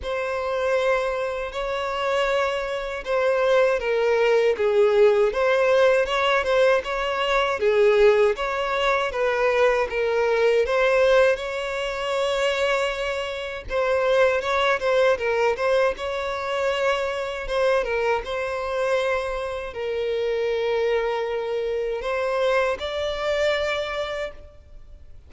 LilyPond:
\new Staff \with { instrumentName = "violin" } { \time 4/4 \tempo 4 = 79 c''2 cis''2 | c''4 ais'4 gis'4 c''4 | cis''8 c''8 cis''4 gis'4 cis''4 | b'4 ais'4 c''4 cis''4~ |
cis''2 c''4 cis''8 c''8 | ais'8 c''8 cis''2 c''8 ais'8 | c''2 ais'2~ | ais'4 c''4 d''2 | }